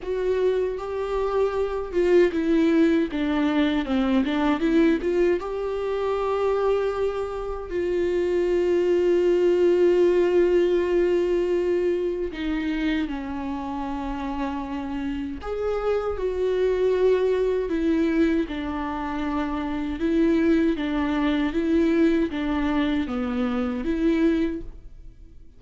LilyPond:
\new Staff \with { instrumentName = "viola" } { \time 4/4 \tempo 4 = 78 fis'4 g'4. f'8 e'4 | d'4 c'8 d'8 e'8 f'8 g'4~ | g'2 f'2~ | f'1 |
dis'4 cis'2. | gis'4 fis'2 e'4 | d'2 e'4 d'4 | e'4 d'4 b4 e'4 | }